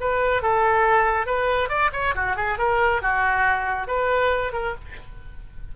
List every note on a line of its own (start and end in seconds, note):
0.00 0.42 B4
0.42 1.26 A4
1.26 1.69 B4
1.69 1.91 D5
1.92 2.14 C#5
2.15 2.36 F#4
2.36 2.58 G#4
2.58 3.02 A#4
3.02 3.87 F#4
3.87 4.52 B4
4.53 4.74 A#4